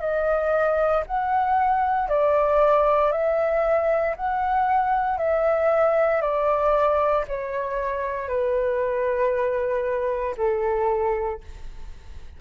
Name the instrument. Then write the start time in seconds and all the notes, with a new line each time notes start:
flute
0.00 D#5
1.06 F#5
2.08 D5
3.12 E5
4.16 F#5
5.17 E5
6.21 D5
7.27 C#5
8.28 B4
10.37 A4